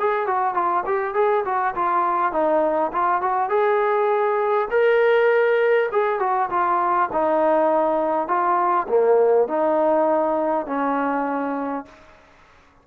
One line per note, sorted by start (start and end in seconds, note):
0.00 0.27 G#4
0.27 0.54 F#4
0.54 0.84 F4
0.86 1.14 G4
1.14 1.44 G#4
1.45 1.74 F#4
1.75 2.32 F4
2.32 2.91 D#4
2.92 3.21 F4
3.21 3.49 F#4
3.49 4.68 G#4
4.71 5.89 A#4
5.92 6.19 G#4
6.19 6.49 F#4
6.50 7.09 F4
7.12 8.28 D#4
8.28 8.87 F4
8.88 9.48 A#3
9.48 10.67 D#4
10.67 11.85 C#4